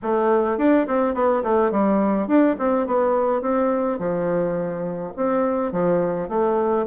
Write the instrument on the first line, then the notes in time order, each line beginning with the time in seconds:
bassoon
0.02 A3
0.58 D4
0.87 C4
1.14 B3
1.43 A3
1.71 G3
2.27 D4
2.58 C4
2.86 B3
3.41 C4
3.98 F3
5.16 C4
5.71 F3
6.28 A3